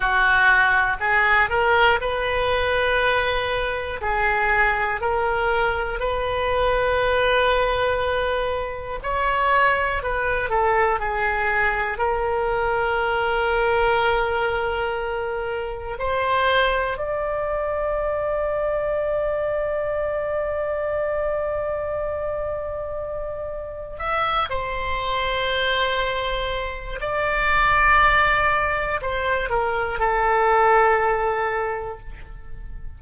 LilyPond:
\new Staff \with { instrumentName = "oboe" } { \time 4/4 \tempo 4 = 60 fis'4 gis'8 ais'8 b'2 | gis'4 ais'4 b'2~ | b'4 cis''4 b'8 a'8 gis'4 | ais'1 |
c''4 d''2.~ | d''1 | e''8 c''2~ c''8 d''4~ | d''4 c''8 ais'8 a'2 | }